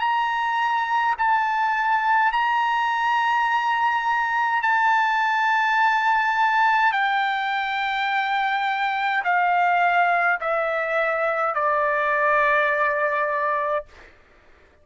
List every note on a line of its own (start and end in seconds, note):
0.00 1.15 A#5
1.18 2.32 A5
2.32 4.63 A#5
4.63 6.92 A5
6.92 9.23 G5
9.24 10.40 F5
10.41 11.54 E5
11.54 13.85 D5